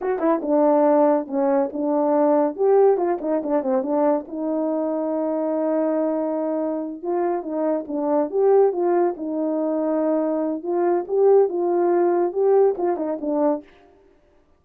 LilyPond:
\new Staff \with { instrumentName = "horn" } { \time 4/4 \tempo 4 = 141 fis'8 e'8 d'2 cis'4 | d'2 g'4 f'8 dis'8 | d'8 c'8 d'4 dis'2~ | dis'1~ |
dis'8 f'4 dis'4 d'4 g'8~ | g'8 f'4 dis'2~ dis'8~ | dis'4 f'4 g'4 f'4~ | f'4 g'4 f'8 dis'8 d'4 | }